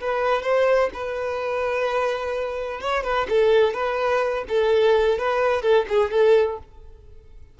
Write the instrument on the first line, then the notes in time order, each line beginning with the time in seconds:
violin
0.00 B4
0.42 C5
0.93 B4
2.80 C#5
3.03 B4
3.29 A4
3.73 B4
4.48 A4
5.18 B4
5.62 A4
5.89 G#4
6.11 A4